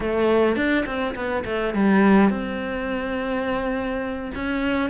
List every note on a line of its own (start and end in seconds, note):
0.00 0.56 A3
0.56 0.84 D4
0.85 1.14 C4
1.15 1.43 B3
1.44 1.73 A3
1.73 2.29 G3
2.29 4.31 C4
4.34 4.90 C#4